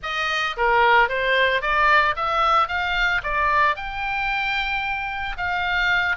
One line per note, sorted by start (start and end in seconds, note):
0.02 0.56 D#5
0.56 1.09 A#4
1.09 1.61 C5
1.61 2.15 D5
2.16 2.68 E5
2.68 3.21 F5
3.23 3.76 D5
3.76 5.36 G5
5.37 6.16 F5